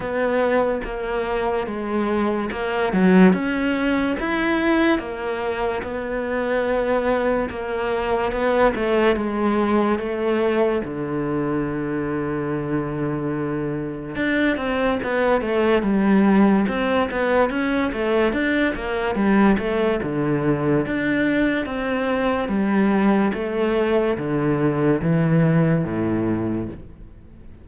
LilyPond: \new Staff \with { instrumentName = "cello" } { \time 4/4 \tempo 4 = 72 b4 ais4 gis4 ais8 fis8 | cis'4 e'4 ais4 b4~ | b4 ais4 b8 a8 gis4 | a4 d2.~ |
d4 d'8 c'8 b8 a8 g4 | c'8 b8 cis'8 a8 d'8 ais8 g8 a8 | d4 d'4 c'4 g4 | a4 d4 e4 a,4 | }